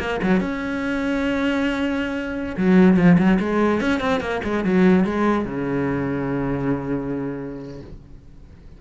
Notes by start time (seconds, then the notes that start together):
0.00 A#3
0.23 F#3
0.41 C#4
2.58 F#3
2.97 F3
3.19 F#3
3.40 G#3
3.81 C#4
4.01 C4
4.21 A#3
4.44 G#3
4.65 F#3
5.05 G#3
5.45 C#3